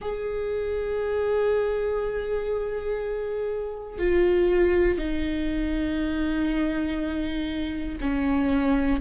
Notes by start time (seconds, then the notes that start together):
0.01 G#4
3.98 F4
4.98 D#4
8.00 C#4